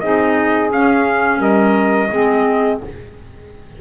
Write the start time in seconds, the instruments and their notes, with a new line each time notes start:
0.00 double bass C4, clarinet D#4, saxophone G#4, trumpet D#5
0.69 clarinet C#4, double bass C#4, trumpet F5
1.37 double bass G3, saxophone A#4, trumpet D#5
2.11 double bass G#3, clarinet C4, saxophone G#4